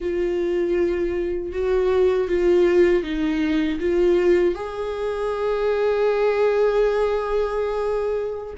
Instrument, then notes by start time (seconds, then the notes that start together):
viola
0.00 F4
1.52 F#4
2.28 F4
3.03 D#4
3.79 F4
4.55 G#4